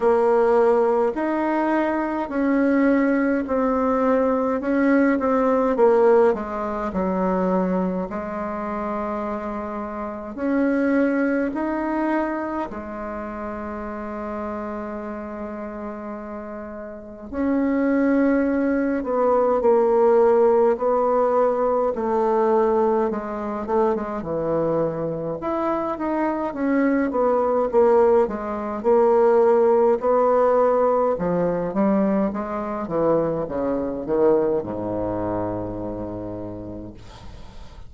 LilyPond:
\new Staff \with { instrumentName = "bassoon" } { \time 4/4 \tempo 4 = 52 ais4 dis'4 cis'4 c'4 | cis'8 c'8 ais8 gis8 fis4 gis4~ | gis4 cis'4 dis'4 gis4~ | gis2. cis'4~ |
cis'8 b8 ais4 b4 a4 | gis8 a16 gis16 e4 e'8 dis'8 cis'8 b8 | ais8 gis8 ais4 b4 f8 g8 | gis8 e8 cis8 dis8 gis,2 | }